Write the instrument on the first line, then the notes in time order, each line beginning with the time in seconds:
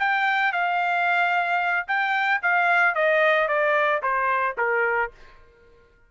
trumpet
0.00 G5
0.53 F5
1.88 G5
2.43 F5
2.95 D#5
3.48 D5
4.03 C5
4.58 A#4